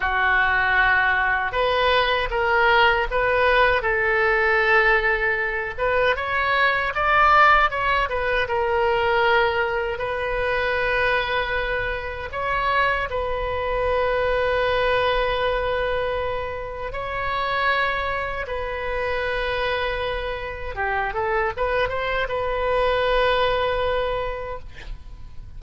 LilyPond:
\new Staff \with { instrumentName = "oboe" } { \time 4/4 \tempo 4 = 78 fis'2 b'4 ais'4 | b'4 a'2~ a'8 b'8 | cis''4 d''4 cis''8 b'8 ais'4~ | ais'4 b'2. |
cis''4 b'2.~ | b'2 cis''2 | b'2. g'8 a'8 | b'8 c''8 b'2. | }